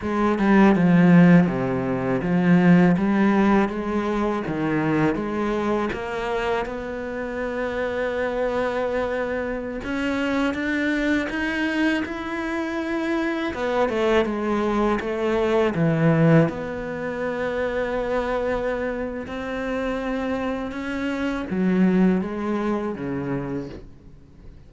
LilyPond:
\new Staff \with { instrumentName = "cello" } { \time 4/4 \tempo 4 = 81 gis8 g8 f4 c4 f4 | g4 gis4 dis4 gis4 | ais4 b2.~ | b4~ b16 cis'4 d'4 dis'8.~ |
dis'16 e'2 b8 a8 gis8.~ | gis16 a4 e4 b4.~ b16~ | b2 c'2 | cis'4 fis4 gis4 cis4 | }